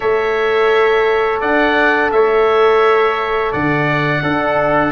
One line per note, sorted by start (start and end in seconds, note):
0.00 1.41 A3
0.00 4.20 A4
0.00 1.40 C#5
0.00 1.39 E5
1.40 2.11 D4
1.40 2.10 D5
1.40 2.11 F#5
2.11 3.52 A3
2.11 3.51 C#5
2.11 3.52 E5
3.51 4.21 D3
3.51 4.22 D5
3.51 4.92 F#5
4.21 4.92 D4
4.21 4.92 A4